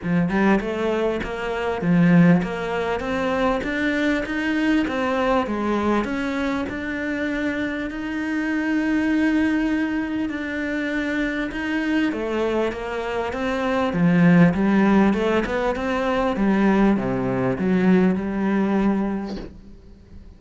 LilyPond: \new Staff \with { instrumentName = "cello" } { \time 4/4 \tempo 4 = 99 f8 g8 a4 ais4 f4 | ais4 c'4 d'4 dis'4 | c'4 gis4 cis'4 d'4~ | d'4 dis'2.~ |
dis'4 d'2 dis'4 | a4 ais4 c'4 f4 | g4 a8 b8 c'4 g4 | c4 fis4 g2 | }